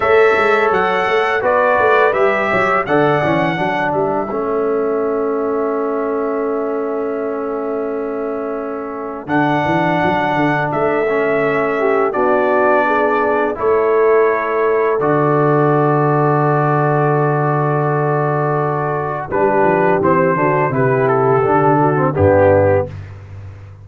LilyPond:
<<
  \new Staff \with { instrumentName = "trumpet" } { \time 4/4 \tempo 4 = 84 e''4 fis''4 d''4 e''4 | fis''4. e''2~ e''8~ | e''1~ | e''4 fis''2 e''4~ |
e''4 d''2 cis''4~ | cis''4 d''2.~ | d''2. b'4 | c''4 b'8 a'4. g'4 | }
  \new Staff \with { instrumentName = "horn" } { \time 4/4 cis''2 b'4. cis''8 | d''4 a'2.~ | a'1~ | a'1~ |
a'8 g'8 fis'4 gis'4 a'4~ | a'1~ | a'2. g'4~ | g'8 fis'8 g'4. fis'8 d'4 | }
  \new Staff \with { instrumentName = "trombone" } { \time 4/4 a'2 fis'4 g'4 | a'8 cis'8 d'4 cis'2~ | cis'1~ | cis'4 d'2~ d'8 cis'8~ |
cis'4 d'2 e'4~ | e'4 fis'2.~ | fis'2. d'4 | c'8 d'8 e'4 d'8. c'16 b4 | }
  \new Staff \with { instrumentName = "tuba" } { \time 4/4 a8 gis8 fis8 a8 b8 a8 g8 fis8 | d8 e8 fis8 g8 a2~ | a1~ | a4 d8 e8 fis8 d8 a4~ |
a4 b2 a4~ | a4 d2.~ | d2. g8 f8 | e8 d8 c4 d4 g,4 | }
>>